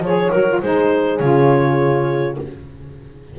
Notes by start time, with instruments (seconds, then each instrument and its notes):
0.00 double bass F3, saxophone G#4, horn C#5, clarinet C#5
0.31 double bass F#3, saxophone F#4, clarinet A#4
0.48 saxophone F4
0.61 double bass G#3, saxophone D#4, horn G#4, clarinet C5
1.18 double bass C#3, saxophone F4, clarinet C#5